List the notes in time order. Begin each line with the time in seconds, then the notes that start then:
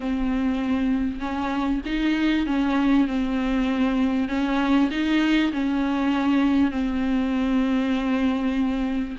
0.00 C4
1.20 C#4
1.85 D#4
2.46 C#4
3.07 C4
4.28 C#4
4.90 D#4
5.52 C#4
6.71 C4